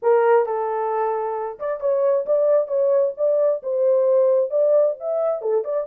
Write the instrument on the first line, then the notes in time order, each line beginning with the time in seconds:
horn
0.02 A#4
0.46 A4
1.59 D5
1.80 C#5
2.26 D5
2.67 C#5
3.17 D5
3.62 C5
4.50 D5
5.00 E5
5.41 A4
5.64 D5